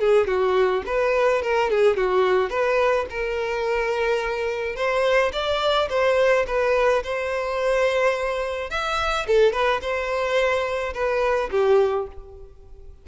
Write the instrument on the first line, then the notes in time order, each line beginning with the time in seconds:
violin
0.00 G#4
0.27 F#4
0.86 B4
1.42 A#4
1.70 G#4
1.97 F#4
2.50 B4
3.10 A#4
4.76 C5
5.33 D5
5.90 C5
6.47 B4
7.03 C5
8.70 E5
9.27 A4
9.53 B4
9.81 C5
10.94 B4
11.51 G4